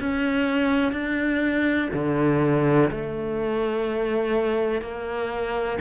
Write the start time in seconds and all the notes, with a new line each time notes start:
0.00 C#4
0.93 D4
1.94 D3
2.91 A3
4.82 A#3